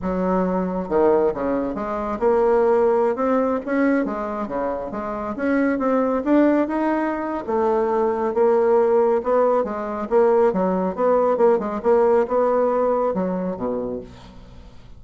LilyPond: \new Staff \with { instrumentName = "bassoon" } { \time 4/4 \tempo 4 = 137 fis2 dis4 cis4 | gis4 ais2~ ais16 c'8.~ | c'16 cis'4 gis4 cis4 gis8.~ | gis16 cis'4 c'4 d'4 dis'8.~ |
dis'4 a2 ais4~ | ais4 b4 gis4 ais4 | fis4 b4 ais8 gis8 ais4 | b2 fis4 b,4 | }